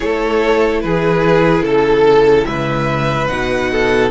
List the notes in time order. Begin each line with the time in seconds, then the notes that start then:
0.00 A3 E4 A4 C#5
0.81 E3 G#4 B4
1.62 C#3 A4
2.45 C#2 B4 E5
3.27 B2 D#4 F#5
3.71 A4